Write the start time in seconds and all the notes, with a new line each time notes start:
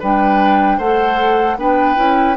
0.00 G3 D4 B4 G5
0.78 A3 A4 C5 F#5
1.57 B3 D4 B4 G5
1.96 C#4 E4